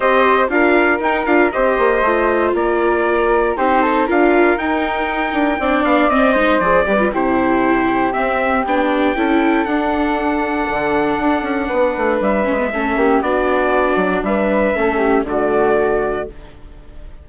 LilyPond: <<
  \new Staff \with { instrumentName = "trumpet" } { \time 4/4 \tempo 4 = 118 dis''4 f''4 g''8 f''8 dis''4~ | dis''4 d''2 c''4 | f''4 g''2~ g''8 f''8 | dis''4 d''4 c''2 |
e''4 g''2 fis''4~ | fis''1 | e''2 d''2 | e''2 d''2 | }
  \new Staff \with { instrumentName = "flute" } { \time 4/4 c''4 ais'2 c''4~ | c''4 ais'2 g'8 a'8 | ais'2. d''4~ | d''8 c''4 b'8 g'2~ |
g'2 a'2~ | a'2. b'4~ | b'4 a'8 g'8 fis'2 | b'4 a'8 g'8 fis'2 | }
  \new Staff \with { instrumentName = "viola" } { \time 4/4 g'4 f'4 dis'8 f'8 g'4 | f'2. dis'4 | f'4 dis'2 d'4 | c'8 dis'8 gis'8 g'16 f'16 e'2 |
c'4 d'4 e'4 d'4~ | d'1~ | d'8 cis'16 b16 cis'4 d'2~ | d'4 cis'4 a2 | }
  \new Staff \with { instrumentName = "bassoon" } { \time 4/4 c'4 d'4 dis'8 d'8 c'8 ais8 | a4 ais2 c'4 | d'4 dis'4. d'8 c'8 b8 | c'8 gis8 f8 g8 c2 |
c'4 b4 cis'4 d'4~ | d'4 d4 d'8 cis'8 b8 a8 | g8 gis8 a8 ais8 b4. fis8 | g4 a4 d2 | }
>>